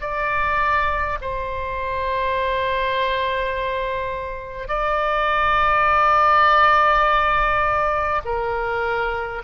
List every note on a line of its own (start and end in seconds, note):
0.00 1.18 D5
1.21 4.68 C5
4.68 8.21 D5
8.25 9.42 A#4